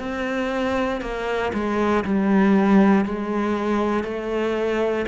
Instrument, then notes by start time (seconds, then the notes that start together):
cello
0.00 C4
1.01 A#3
1.54 G#3
2.05 G3
3.05 G#3
4.04 A3